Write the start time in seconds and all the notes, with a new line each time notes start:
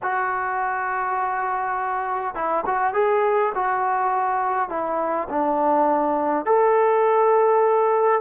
0.02 F#4
2.34 E4
2.66 F#4
2.93 G#4
3.55 F#4
4.69 E4
5.29 D4
6.45 A4